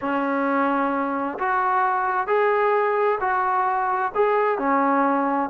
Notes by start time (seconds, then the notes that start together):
0.01 C#4
1.38 F#4
2.27 G#4
3.20 F#4
4.15 G#4
4.58 C#4